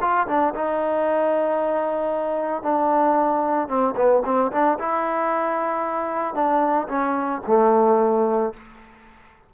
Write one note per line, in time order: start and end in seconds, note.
0.00 0.27 F4
0.27 0.54 D4
0.54 2.62 D#4
2.62 3.68 D4
3.68 3.94 C4
3.96 4.22 B3
4.25 4.51 C4
4.51 4.78 D4
4.79 6.34 E4
6.34 6.87 D4
6.88 7.41 C#4
7.47 8.53 A3